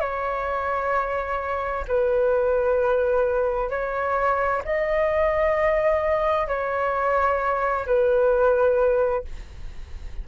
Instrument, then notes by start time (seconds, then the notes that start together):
flute
0.00 C#5
1.88 B4
3.70 C#5
4.64 D#5
6.47 C#5
7.86 B4